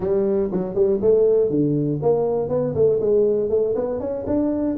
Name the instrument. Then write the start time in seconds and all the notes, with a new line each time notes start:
tuba
0.00 G3
0.51 F#3
0.74 G3
1.01 A3
1.50 D3
2.02 A#3
2.49 B3
2.74 A3
3.00 G#3
3.49 A3
3.75 B3
4.00 C#4
4.26 D4